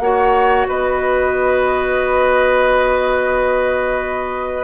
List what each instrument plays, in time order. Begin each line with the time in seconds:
0.00 bassoon A#3, clarinet F#4, oboe C#5, flute F#5
0.68 bassoon B3, oboe B4, flute D#5